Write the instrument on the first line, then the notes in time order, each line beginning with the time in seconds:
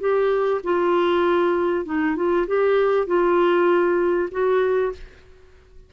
clarinet
0.00 G4
0.63 F4
1.85 D#4
2.16 F4
2.47 G4
3.07 F4
4.31 F#4